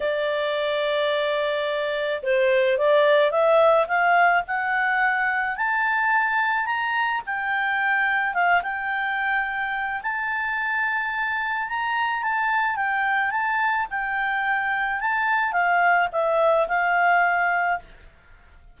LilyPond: \new Staff \with { instrumentName = "clarinet" } { \time 4/4 \tempo 4 = 108 d''1 | c''4 d''4 e''4 f''4 | fis''2 a''2 | ais''4 g''2 f''8 g''8~ |
g''2 a''2~ | a''4 ais''4 a''4 g''4 | a''4 g''2 a''4 | f''4 e''4 f''2 | }